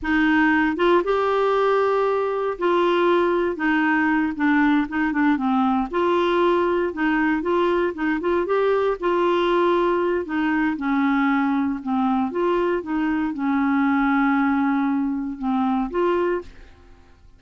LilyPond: \new Staff \with { instrumentName = "clarinet" } { \time 4/4 \tempo 4 = 117 dis'4. f'8 g'2~ | g'4 f'2 dis'4~ | dis'8 d'4 dis'8 d'8 c'4 f'8~ | f'4. dis'4 f'4 dis'8 |
f'8 g'4 f'2~ f'8 | dis'4 cis'2 c'4 | f'4 dis'4 cis'2~ | cis'2 c'4 f'4 | }